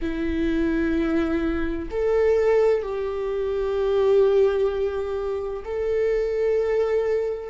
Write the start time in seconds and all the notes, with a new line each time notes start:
0.01 E4
1.90 A4
2.82 G4
5.64 A4